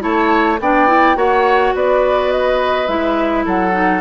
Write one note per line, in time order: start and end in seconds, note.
0.00 0.60 A3
0.00 0.57 E4
0.00 0.60 C#5
0.00 0.60 A5
0.60 1.16 B3
0.60 0.87 D4
0.60 1.17 D5
0.60 1.17 G5
0.87 1.15 E4
1.15 1.73 A#3
1.15 2.87 F#4
1.15 1.75 C#5
1.15 1.75 F#5
1.74 2.88 B3
1.74 3.46 B4
1.74 2.31 D5
2.31 2.87 D#5
2.87 3.45 G#3
2.87 3.72 E4
2.87 3.44 E5
3.46 4.02 F#3
3.46 4.02 A4
3.46 4.02 F#5
3.72 4.01 D#4